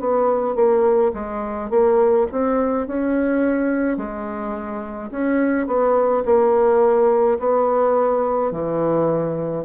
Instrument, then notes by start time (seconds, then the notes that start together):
bassoon
0.00 B3
0.56 A#3
1.14 G#3
1.71 A#3
2.32 C4
2.88 C#4
3.98 G#3
5.11 C#4
5.68 B3
6.26 A#3
7.40 B3
8.52 E3